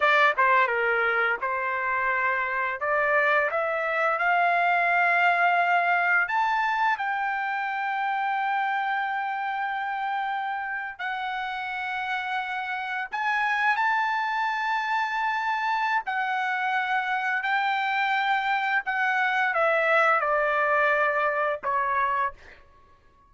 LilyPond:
\new Staff \with { instrumentName = "trumpet" } { \time 4/4 \tempo 4 = 86 d''8 c''8 ais'4 c''2 | d''4 e''4 f''2~ | f''4 a''4 g''2~ | g''2.~ g''8. fis''16~ |
fis''2~ fis''8. gis''4 a''16~ | a''2. fis''4~ | fis''4 g''2 fis''4 | e''4 d''2 cis''4 | }